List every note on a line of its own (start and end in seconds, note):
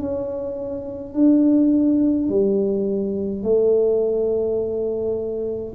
0.00 1.14 C#4
1.14 2.29 D4
2.29 3.43 G3
3.43 5.74 A3